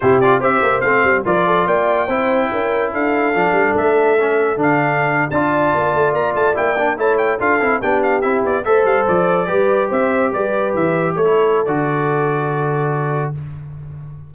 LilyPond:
<<
  \new Staff \with { instrumentName = "trumpet" } { \time 4/4 \tempo 4 = 144 c''8 d''8 e''4 f''4 d''4 | g''2. f''4~ | f''4 e''2 f''4~ | f''8. a''2 ais''8 a''8 g''16~ |
g''8. a''8 g''8 f''4 g''8 f''8 e''16~ | e''16 d''8 e''8 f''8 d''2 e''16~ | e''8. d''4 e''4 cis''4~ cis''16 | d''1 | }
  \new Staff \with { instrumentName = "horn" } { \time 4/4 g'4 c''2 ais'8 a'8 | d''4 c''4 ais'4 a'4~ | a'1~ | a'8. d''2.~ d''16~ |
d''8. cis''4 a'4 g'4~ g'16~ | g'8. c''2 b'4 c''16~ | c''8. b'2 a'4~ a'16~ | a'1 | }
  \new Staff \with { instrumentName = "trombone" } { \time 4/4 e'8 f'8 g'4 c'4 f'4~ | f'4 e'2. | d'2 cis'4 d'4~ | d'8. f'2. e'16~ |
e'16 d'8 e'4 f'8 e'8 d'4 e'16~ | e'8. a'2 g'4~ g'16~ | g'2. e'4 | fis'1 | }
  \new Staff \with { instrumentName = "tuba" } { \time 4/4 c4 c'8 ais8 a8 g8 f4 | ais4 c'4 cis'4 d'4 | f8 g8 a2 d4~ | d8. d'4 ais8 a8 ais8 a8 ais16~ |
ais8. a4 d'8 c'8 b4 c'16~ | c'16 b8 a8 g8 f4 g4 c'16~ | c'8. g4 e4 a4~ a16 | d1 | }
>>